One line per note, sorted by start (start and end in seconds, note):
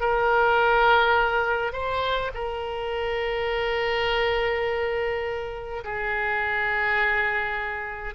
0.00 1.72 A#4
1.72 2.31 C5
2.34 5.84 A#4
5.84 8.14 G#4